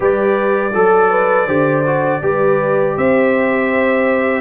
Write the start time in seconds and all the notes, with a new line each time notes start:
0.00 G3 G4 B4 D5
0.73 F#3 A4
1.09 B4
1.46 D3 G4 C5
1.85 F#4
2.22 G3 G4 B4
2.96 C4 C5 E5